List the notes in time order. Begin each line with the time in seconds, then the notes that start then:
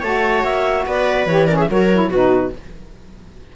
0.00 A3 F#4 C#5 A5
0.44 A#3 E5
0.86 B3 B4 D5
1.26 E3 G4 C#5
1.46 C#4 A#4 D5
1.56 G#4 E5
1.70 F#3 F#4 A#4 C#5
1.92 E4
2.08 B2 F#4 B4
2.14 D#4